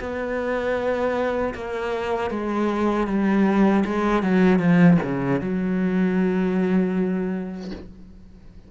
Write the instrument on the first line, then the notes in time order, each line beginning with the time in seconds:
cello
0.00 B3
1.54 A#3
2.30 G#3
3.07 G3
3.85 G#3
4.23 F#3
4.59 F3
5.03 C#3
5.41 F#3